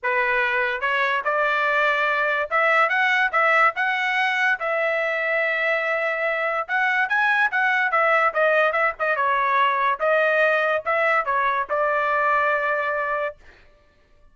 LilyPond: \new Staff \with { instrumentName = "trumpet" } { \time 4/4 \tempo 4 = 144 b'2 cis''4 d''4~ | d''2 e''4 fis''4 | e''4 fis''2 e''4~ | e''1 |
fis''4 gis''4 fis''4 e''4 | dis''4 e''8 dis''8 cis''2 | dis''2 e''4 cis''4 | d''1 | }